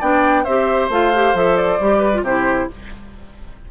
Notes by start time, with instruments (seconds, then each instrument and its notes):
0.00 bassoon B3, clarinet D4, oboe D5, flute G5
0.44 bassoon C4, clarinet G4, oboe C5, flute E5
0.89 bassoon A3, clarinet F4, flute F5
1.15 clarinet G4
1.34 bassoon F3, clarinet A4, flute E5
1.57 flute D5
1.80 bassoon G3, clarinet G4
1.98 oboe B4
2.14 clarinet F4
2.22 bassoon C3, clarinet E4, oboe G4, flute C5